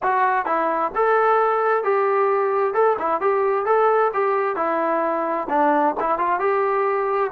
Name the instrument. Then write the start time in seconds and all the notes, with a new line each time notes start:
trombone
0.02 F#4
0.45 E4
0.95 A4
1.83 G4
2.74 A4
2.99 E4
3.20 G4
3.65 A4
4.13 G4
4.56 E4
5.49 D4
6.00 E4
6.18 F4
6.39 G4